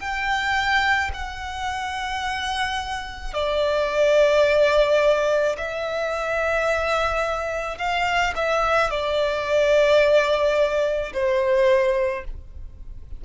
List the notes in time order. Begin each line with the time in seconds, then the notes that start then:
0.00 G5
1.14 F#5
3.34 D5
5.58 E5
7.78 F5
8.36 E5
8.91 D5
11.14 C5